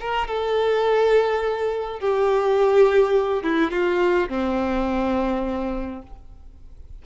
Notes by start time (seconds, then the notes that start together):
0.00 A#4
0.27 A4
2.00 G4
3.43 E4
3.71 F4
4.29 C4